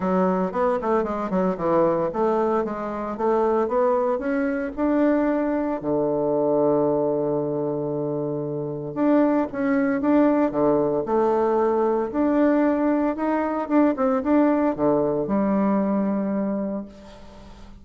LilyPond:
\new Staff \with { instrumentName = "bassoon" } { \time 4/4 \tempo 4 = 114 fis4 b8 a8 gis8 fis8 e4 | a4 gis4 a4 b4 | cis'4 d'2 d4~ | d1~ |
d4 d'4 cis'4 d'4 | d4 a2 d'4~ | d'4 dis'4 d'8 c'8 d'4 | d4 g2. | }